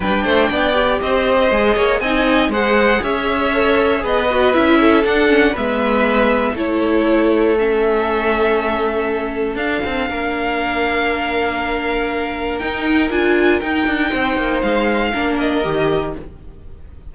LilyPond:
<<
  \new Staff \with { instrumentName = "violin" } { \time 4/4 \tempo 4 = 119 g''2 dis''2 | gis''4 fis''4 e''2 | dis''4 e''4 fis''4 e''4~ | e''4 cis''2 e''4~ |
e''2. f''4~ | f''1~ | f''4 g''4 gis''4 g''4~ | g''4 f''4. dis''4. | }
  \new Staff \with { instrumentName = "violin" } { \time 4/4 b'8 c''8 d''4 c''4. cis''8 | dis''4 c''4 cis''2 | b'4. a'4. b'4~ | b'4 a'2.~ |
a'1 | ais'1~ | ais'1 | c''2 ais'2 | }
  \new Staff \with { instrumentName = "viola" } { \time 4/4 d'4. g'4. gis'4 | dis'4 gis'2 a'4 | gis'8 fis'8 e'4 d'8 cis'8 b4~ | b4 e'2 cis'4~ |
cis'2. d'4~ | d'1~ | d'4 dis'4 f'4 dis'4~ | dis'2 d'4 g'4 | }
  \new Staff \with { instrumentName = "cello" } { \time 4/4 g8 a8 b4 c'4 gis8 ais8 | c'4 gis4 cis'2 | b4 cis'4 d'4 gis4~ | gis4 a2.~ |
a2. d'8 c'8 | ais1~ | ais4 dis'4 d'4 dis'8 d'8 | c'8 ais8 gis4 ais4 dis4 | }
>>